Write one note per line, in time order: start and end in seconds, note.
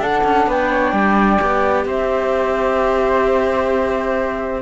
0.00 0.23 D4
0.00 1.40 D4
0.00 0.49 A4
0.00 0.50 F#5
0.24 0.47 C#4
0.47 0.92 B3
0.47 0.72 B4
0.47 1.87 G5
0.72 0.93 C#5
0.92 1.39 G3
0.92 1.85 D5
1.40 1.85 B3
1.40 4.62 G4
1.85 4.62 C4
1.85 4.62 C5
1.85 4.62 E5